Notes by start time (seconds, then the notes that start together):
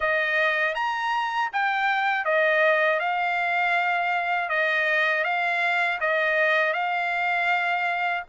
0.00 D#5
0.74 A#5
1.52 G5
2.24 D#5
2.99 F5
4.49 D#5
5.23 F5
6.00 D#5
6.73 F5